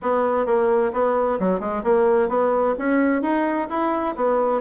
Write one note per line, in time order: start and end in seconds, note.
0.01 0.46 B3
0.46 0.92 A#3
0.92 1.38 B3
1.39 1.59 F#3
1.59 1.83 G#3
1.83 2.28 A#3
2.28 2.75 B3
2.78 3.22 C#4
3.22 3.68 D#4
3.69 4.15 E4
4.16 4.61 B3